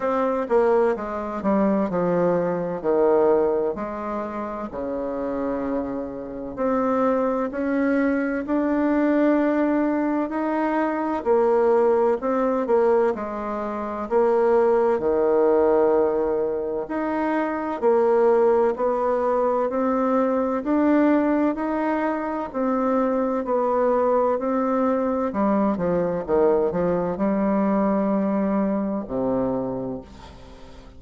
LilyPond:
\new Staff \with { instrumentName = "bassoon" } { \time 4/4 \tempo 4 = 64 c'8 ais8 gis8 g8 f4 dis4 | gis4 cis2 c'4 | cis'4 d'2 dis'4 | ais4 c'8 ais8 gis4 ais4 |
dis2 dis'4 ais4 | b4 c'4 d'4 dis'4 | c'4 b4 c'4 g8 f8 | dis8 f8 g2 c4 | }